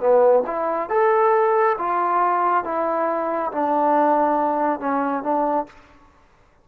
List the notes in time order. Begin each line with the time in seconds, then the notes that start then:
0.00 B3
0.47 E4
0.90 A4
1.78 F4
2.65 E4
3.52 D4
4.80 C#4
5.23 D4